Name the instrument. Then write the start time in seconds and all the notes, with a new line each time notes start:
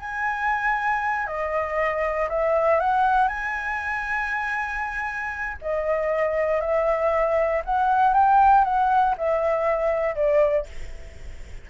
flute
0.00 G#5
1.27 D#5
2.30 E5
2.80 F#5
3.28 G#5
5.62 D#5
6.61 E5
7.65 F#5
8.14 G5
8.64 F#5
9.18 E5
10.15 D5